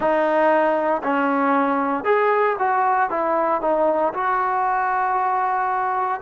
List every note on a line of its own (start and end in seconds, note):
0.00 1.02 D#4
1.03 2.04 C#4
2.04 2.56 G#4
2.59 3.10 F#4
3.10 3.61 E4
3.61 4.13 D#4
4.13 6.20 F#4